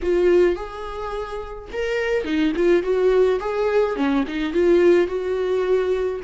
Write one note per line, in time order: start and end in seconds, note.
0.02 0.55 F4
0.55 1.69 G#4
1.72 2.24 A#4
2.24 2.52 D#4
2.55 2.83 F4
2.83 3.39 F#4
3.40 3.95 G#4
3.95 4.24 C#4
4.27 4.53 D#4
4.53 5.07 F4
5.07 6.20 F#4